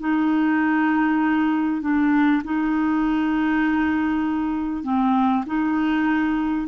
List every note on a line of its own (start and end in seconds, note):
0.00 1.82 D#4
1.82 2.42 D4
2.45 4.84 D#4
4.84 5.44 C4
5.46 6.67 D#4